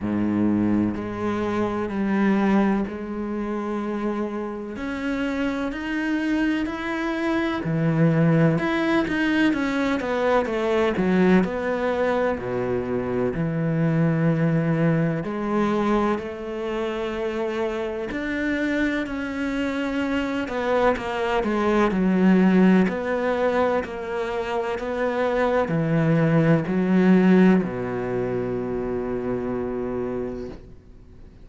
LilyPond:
\new Staff \with { instrumentName = "cello" } { \time 4/4 \tempo 4 = 63 gis,4 gis4 g4 gis4~ | gis4 cis'4 dis'4 e'4 | e4 e'8 dis'8 cis'8 b8 a8 fis8 | b4 b,4 e2 |
gis4 a2 d'4 | cis'4. b8 ais8 gis8 fis4 | b4 ais4 b4 e4 | fis4 b,2. | }